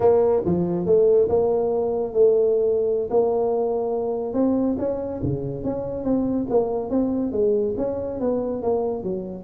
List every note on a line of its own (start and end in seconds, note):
0.00 0.43 A#3
0.45 0.85 F3
0.85 1.28 A3
1.29 2.13 A#3
2.13 3.09 A3
3.10 4.33 A#3
4.33 4.76 C4
4.78 5.20 C#4
5.22 5.64 C#3
5.64 6.03 C#4
6.03 6.46 C4
6.49 6.89 A#3
6.89 7.32 C4
7.32 7.74 G#3
7.77 8.19 C#4
8.20 8.62 B3
8.62 9.03 A#3
9.03 9.44 F#3